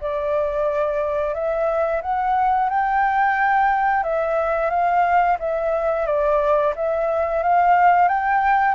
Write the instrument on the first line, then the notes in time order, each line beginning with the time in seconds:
flute
0.00 D5
1.34 E5
2.02 F#5
2.69 G5
4.03 E5
4.69 F5
5.39 E5
6.06 D5
6.75 E5
7.42 F5
8.08 G5